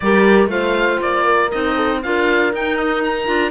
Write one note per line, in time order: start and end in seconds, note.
0.00 0.47 G3
0.00 0.49 G4
0.00 0.51 A#4
0.00 0.48 D5
0.47 0.97 A3
0.47 1.49 F4
0.47 1.24 C5
0.47 1.01 F5
1.01 1.51 A#3
1.01 1.50 D5
1.24 1.74 A#4
1.50 2.04 C4
1.50 2.02 D#4
1.50 2.01 D#5
1.75 2.00 A4
2.02 2.53 D4
2.02 2.53 F4
2.02 3.51 A#4
2.02 2.53 F5
2.53 3.28 D#4
2.53 3.25 D#4
2.53 2.77 G5
2.77 3.02 D#5
3.03 3.51 A#5
3.25 3.51 D4
3.25 3.50 F4